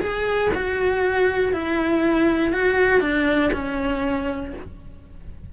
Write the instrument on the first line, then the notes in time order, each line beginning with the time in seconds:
cello
0.00 G#4
0.55 F#4
1.53 E4
2.53 F#4
3.00 D4
3.53 C#4